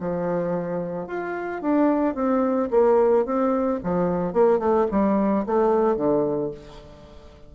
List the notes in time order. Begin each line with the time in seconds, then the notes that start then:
0.00 F3
1.07 F4
1.62 D4
2.15 C4
2.71 A#3
3.26 C4
3.84 F3
4.33 A#3
4.59 A3
4.91 G3
5.46 A3
5.97 D3